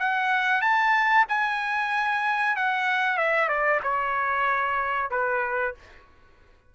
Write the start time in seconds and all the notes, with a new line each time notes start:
0.00 F#5
0.62 A5
1.29 G#5
2.57 F#5
3.18 E5
3.49 D5
3.84 C#5
5.11 B4